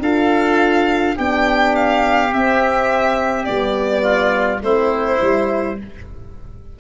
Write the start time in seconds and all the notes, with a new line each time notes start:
0.00 D4 F4 A4 F5
1.16 B3 D4 G4 G5
1.76 F5
2.31 C4 E5
3.45 G3 B3 D5
4.03 F4
4.62 A3 C4 E4 C5
5.20 G3 E4